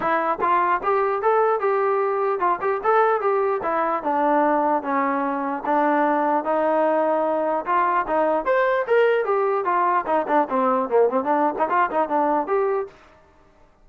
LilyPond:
\new Staff \with { instrumentName = "trombone" } { \time 4/4 \tempo 4 = 149 e'4 f'4 g'4 a'4 | g'2 f'8 g'8 a'4 | g'4 e'4 d'2 | cis'2 d'2 |
dis'2. f'4 | dis'4 c''4 ais'4 g'4 | f'4 dis'8 d'8 c'4 ais8 c'8 | d'8. dis'16 f'8 dis'8 d'4 g'4 | }